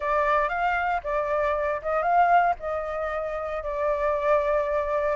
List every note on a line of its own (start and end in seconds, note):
0.00 0.48 D5
0.48 1.00 F5
1.03 1.81 D5
1.82 2.02 D#5
2.02 2.54 F5
2.59 3.63 D#5
3.63 5.16 D5